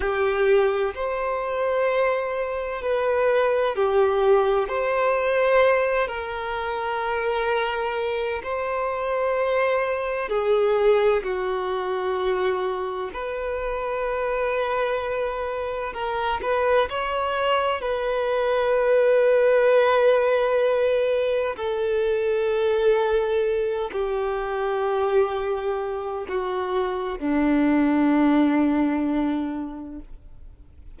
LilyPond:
\new Staff \with { instrumentName = "violin" } { \time 4/4 \tempo 4 = 64 g'4 c''2 b'4 | g'4 c''4. ais'4.~ | ais'4 c''2 gis'4 | fis'2 b'2~ |
b'4 ais'8 b'8 cis''4 b'4~ | b'2. a'4~ | a'4. g'2~ g'8 | fis'4 d'2. | }